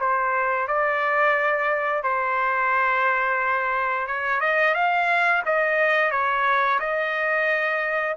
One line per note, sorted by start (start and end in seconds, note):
0.00 0.68 C5
0.68 2.03 D5
2.03 4.08 C5
4.08 4.41 C#5
4.41 4.75 D#5
4.75 5.43 F5
5.46 6.11 D#5
6.11 6.80 C#5
6.80 8.17 D#5